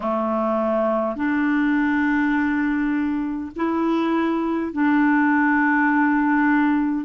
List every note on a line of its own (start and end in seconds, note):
0.00 1.16 A3
1.16 3.51 D4
3.56 4.72 E4
4.72 7.05 D4